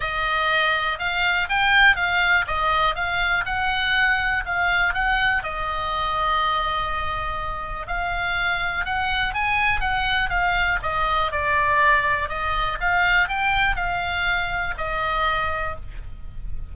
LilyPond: \new Staff \with { instrumentName = "oboe" } { \time 4/4 \tempo 4 = 122 dis''2 f''4 g''4 | f''4 dis''4 f''4 fis''4~ | fis''4 f''4 fis''4 dis''4~ | dis''1 |
f''2 fis''4 gis''4 | fis''4 f''4 dis''4 d''4~ | d''4 dis''4 f''4 g''4 | f''2 dis''2 | }